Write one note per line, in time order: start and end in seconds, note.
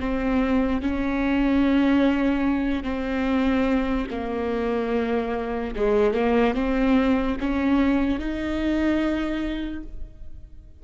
0.00 0.82 C4
0.82 2.84 C#4
2.84 4.07 C4
4.11 5.75 A#3
5.76 6.14 G#3
6.14 6.55 A#3
6.55 7.37 C4
7.41 8.19 C#4
8.19 9.84 D#4